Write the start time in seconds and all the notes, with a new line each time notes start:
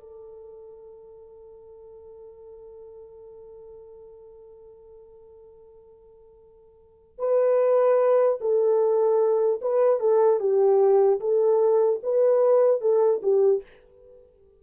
0.00 A4
7.19 B4
8.40 A4
9.61 B4
10.00 A4
10.40 G4
11.20 A4
12.03 B4
12.81 A4
13.22 G4